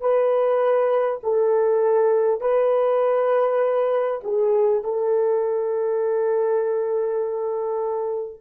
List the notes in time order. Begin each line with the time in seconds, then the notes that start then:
0.00 B4
1.23 A4
2.41 B4
4.23 G#4
4.83 A4